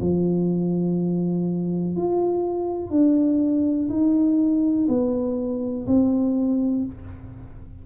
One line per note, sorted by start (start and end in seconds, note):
0.00 1.96 F3
1.96 2.90 F4
2.90 3.89 D4
3.89 4.87 D#4
4.88 5.87 B3
5.87 6.85 C4